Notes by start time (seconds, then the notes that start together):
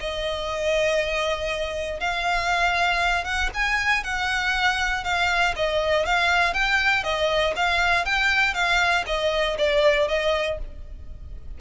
0.00 D#5
2.00 F5
3.25 F#5
3.54 G#5
4.04 F#5
5.04 F5
5.56 D#5
6.06 F5
6.54 G5
7.04 D#5
7.56 F5
8.05 G5
8.54 F5
9.07 D#5
9.58 D5
10.08 D#5